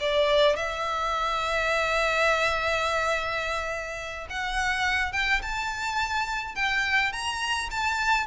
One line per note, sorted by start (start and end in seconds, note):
0.00 0.56 D5
0.56 4.27 E5
4.30 5.12 F#5
5.12 5.41 G5
5.42 6.55 A5
6.55 7.12 G5
7.12 7.69 A#5
7.71 8.26 A5